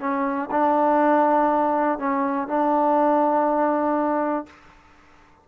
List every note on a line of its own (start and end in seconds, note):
0.00 0.50 C#4
0.51 1.99 D4
1.99 2.48 C#4
2.48 4.46 D4